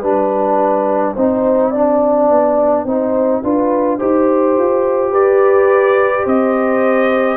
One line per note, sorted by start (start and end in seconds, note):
0.00 1.14 G3
0.00 1.16 D4
0.00 1.13 B4
0.00 5.13 G5
1.14 2.29 C4
1.14 1.74 D#4
1.14 1.70 C5
1.70 2.87 D4
1.70 2.83 D5
2.30 2.85 B3
2.85 3.41 C4
2.85 3.43 D#4
2.85 3.42 C5
3.43 4.00 D4
3.43 3.99 F4
3.43 3.98 B4
3.98 4.57 D#4
3.98 7.37 G4
3.98 5.11 C5
4.57 5.12 F4
5.11 6.25 G4
5.11 6.24 B4
5.11 6.26 D5
6.24 7.37 C4
6.24 7.37 C5
6.24 7.37 D#5